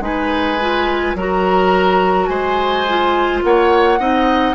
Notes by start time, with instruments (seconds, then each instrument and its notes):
0.00 bassoon G#3, clarinet D#4, oboe B4, flute G#5
0.60 clarinet F4
1.14 bassoon F#3, clarinet F#4, oboe A#4, flute A#5
2.26 bassoon G#3, oboe C5, flute G#5
2.88 clarinet F4
3.43 bassoon A#3, oboe C#5, flute F#5
3.99 bassoon C4, clarinet D#4, oboe D#5